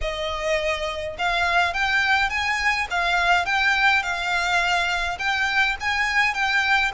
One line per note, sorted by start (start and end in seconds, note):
0.01 1.16 D#5
1.18 1.73 F5
1.73 2.29 G5
2.29 2.87 G#5
2.90 3.45 F5
3.45 4.02 G5
4.02 5.18 F5
5.18 5.76 G5
5.80 6.34 G#5
6.34 6.91 G5